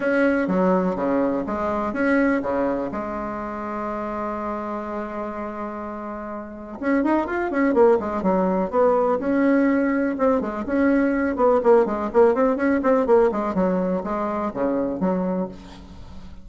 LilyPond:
\new Staff \with { instrumentName = "bassoon" } { \time 4/4 \tempo 4 = 124 cis'4 fis4 cis4 gis4 | cis'4 cis4 gis2~ | gis1~ | gis2 cis'8 dis'8 f'8 cis'8 |
ais8 gis8 fis4 b4 cis'4~ | cis'4 c'8 gis8 cis'4. b8 | ais8 gis8 ais8 c'8 cis'8 c'8 ais8 gis8 | fis4 gis4 cis4 fis4 | }